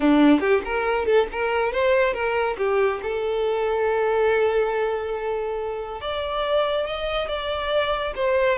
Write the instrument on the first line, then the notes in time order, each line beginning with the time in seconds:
violin
0.00 D4
0.40 G4
0.64 A#4
1.05 A4
1.31 A#4
1.72 C5
2.13 A#4
2.57 G4
3.02 A4
6.01 D5
6.86 D#5
7.28 D5
8.15 C5